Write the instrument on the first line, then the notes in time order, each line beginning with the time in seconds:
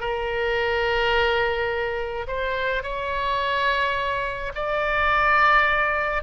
oboe
0.00 A#4
2.27 C5
2.83 C#5
4.55 D5